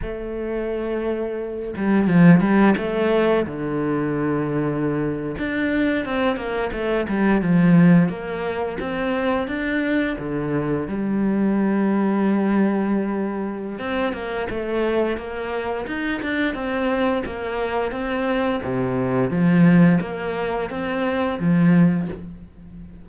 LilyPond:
\new Staff \with { instrumentName = "cello" } { \time 4/4 \tempo 4 = 87 a2~ a8 g8 f8 g8 | a4 d2~ d8. d'16~ | d'8. c'8 ais8 a8 g8 f4 ais16~ | ais8. c'4 d'4 d4 g16~ |
g1 | c'8 ais8 a4 ais4 dis'8 d'8 | c'4 ais4 c'4 c4 | f4 ais4 c'4 f4 | }